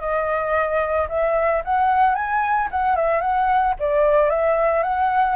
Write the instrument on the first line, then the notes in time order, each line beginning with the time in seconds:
flute
0.00 D#5
1.09 E5
1.64 F#5
2.15 G#5
2.71 F#5
2.96 E5
3.21 F#5
3.79 D5
4.30 E5
4.83 F#5